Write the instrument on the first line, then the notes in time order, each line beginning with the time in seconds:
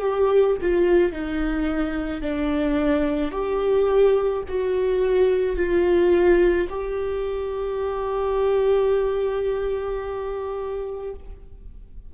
viola
0.00 G4
0.61 F4
1.12 D#4
2.21 D4
3.31 G4
4.48 F#4
5.56 F4
6.69 G4